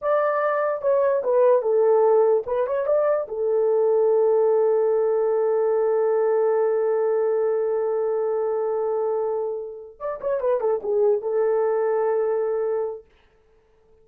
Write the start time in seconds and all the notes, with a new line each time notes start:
0.01 D5
0.81 C#5
1.23 B4
1.62 A4
2.46 B4
2.66 C#5
2.86 D5
3.28 A4
9.99 D5
10.20 C#5
10.40 B4
10.60 A4
10.82 G#4
11.21 A4